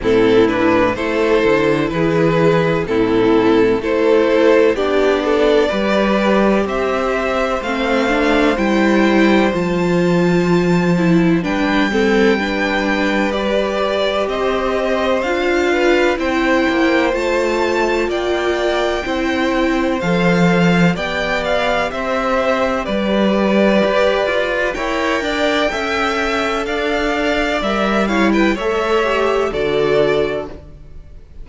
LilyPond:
<<
  \new Staff \with { instrumentName = "violin" } { \time 4/4 \tempo 4 = 63 a'8 b'8 c''4 b'4 a'4 | c''4 d''2 e''4 | f''4 g''4 a''2 | g''2 d''4 dis''4 |
f''4 g''4 a''4 g''4~ | g''4 f''4 g''8 f''8 e''4 | d''2 g''2 | f''4 e''8 f''16 g''16 e''4 d''4 | }
  \new Staff \with { instrumentName = "violin" } { \time 4/4 e'4 a'4 gis'4 e'4 | a'4 g'8 a'8 b'4 c''4~ | c''1 | b'8 a'8 b'2 c''4~ |
c''8 b'8 c''2 d''4 | c''2 d''4 c''4 | b'2 cis''8 d''8 e''4 | d''4. cis''16 b'16 cis''4 a'4 | }
  \new Staff \with { instrumentName = "viola" } { \time 4/4 c'8 d'8 e'2 c'4 | e'4 d'4 g'2 | c'8 d'8 e'4 f'4. e'8 | d'8 c'8 d'4 g'2 |
f'4 e'4 f'2 | e'4 a'4 g'2~ | g'2 ais'4 a'4~ | a'4 ais'8 e'8 a'8 g'8 fis'4 | }
  \new Staff \with { instrumentName = "cello" } { \time 4/4 a,4 a8 d8 e4 a,4 | a4 b4 g4 c'4 | a4 g4 f2 | g2. c'4 |
d'4 c'8 ais8 a4 ais4 | c'4 f4 b4 c'4 | g4 g'8 f'8 e'8 d'8 cis'4 | d'4 g4 a4 d4 | }
>>